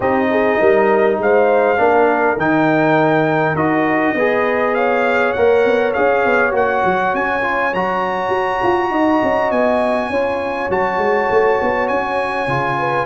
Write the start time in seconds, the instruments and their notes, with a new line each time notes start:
0.00 tuba C4, trombone D#4, horn G4, trumpet D#5
0.31 horn G#4
0.59 tuba G3, horn A#4
1.18 tuba G#3, horn C5, trumpet F5
1.77 tuba A#3, trombone D4, horn A#4
2.37 tuba D#3, trombone D#4, trumpet G5
3.54 tuba D#4, trombone F#4, trumpet D#5
4.14 tuba B3, trombone G#4, horn B4
4.74 horn C#5, trumpet F5
5.32 tuba A#3, trombone A#4, trumpet F#5
5.64 tuba B3
5.93 tuba C#4, trombone G#4, trumpet F5
6.25 tuba B3
6.51 tuba A#3, trombone F#4, trumpet F#5
6.84 tuba F#3
7.14 tuba C#4, trumpet G#5
7.41 trombone F4
7.73 tuba F#3, trombone F#4, trumpet A#5
8.29 tuba F#4
8.63 tuba F4
8.90 tuba D#4, horn D#5
9.23 tuba C#4
9.51 tuba B3, trumpet G#5
10.09 tuba C#4, trombone F4, horn C#5
10.69 tuba F#3, trombone F#4, trumpet A5
10.97 tuba G#3
11.30 tuba A3
11.61 tuba B3
11.88 tuba C#4, trumpet G#5
12.47 tuba C#3, trombone F4
12.78 horn B4